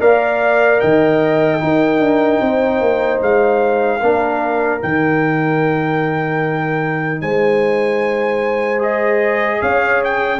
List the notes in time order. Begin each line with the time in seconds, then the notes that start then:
0.00 A#3 A#4 D5 F5
0.80 D#3 D#5 G5
1.60 D#4 A#4
1.99 D4
2.41 C4 C5
2.80 A#3
3.21 G#3 F5
4.00 A#3 D4 A#4
4.79 D#3 D#4 G5
7.21 G#3 C5 G#5
8.78 G#4 D#5
9.60 C#4 C#5 F5
10.04 G5